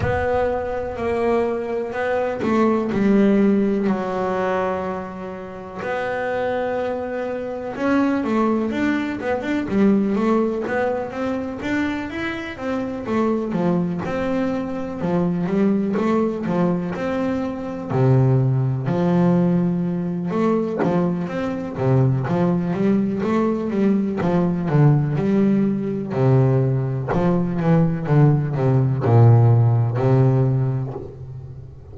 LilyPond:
\new Staff \with { instrumentName = "double bass" } { \time 4/4 \tempo 4 = 62 b4 ais4 b8 a8 g4 | fis2 b2 | cis'8 a8 d'8 b16 d'16 g8 a8 b8 c'8 | d'8 e'8 c'8 a8 f8 c'4 f8 |
g8 a8 f8 c'4 c4 f8~ | f4 a8 f8 c'8 c8 f8 g8 | a8 g8 f8 d8 g4 c4 | f8 e8 d8 c8 ais,4 c4 | }